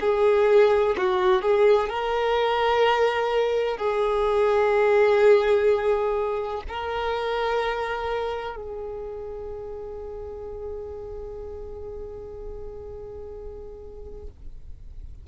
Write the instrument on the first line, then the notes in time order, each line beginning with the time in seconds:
violin
0.00 G#4
0.97 F#4
1.42 G#4
1.89 A#4
3.77 G#4
6.68 A#4
8.56 G#4